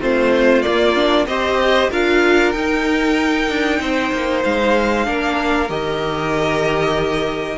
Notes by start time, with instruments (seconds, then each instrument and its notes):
0.00 cello A3, viola C4, violin F4 C5
0.62 viola A#3, cello A#3, violin D5
0.95 viola D4
1.26 cello C4, viola G4, violin C5 D#5
1.90 cello D4, viola F4, violin A#4 F5
2.52 viola D#4, cello D#4, violin G5
3.49 cello D4
3.80 cello C4, violin C5
4.12 cello A#3
4.44 cello G#3, violin F5
5.05 cello A#3, viola D4, violin A#4
5.69 cello D#3, viola G4, violin D#5